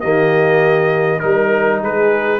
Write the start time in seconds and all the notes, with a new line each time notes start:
0.00 D#3 A#3 G4 D#5
1.19 G3 D#4 A#4
1.82 G#3 G#4 B4